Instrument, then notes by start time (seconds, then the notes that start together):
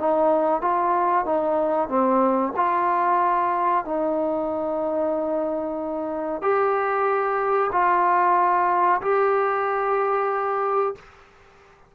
trombone
0.00 D#4
0.62 F4
1.26 D#4
1.89 C4
2.57 F4
3.86 D#4
6.42 G4
7.73 F4
9.02 G4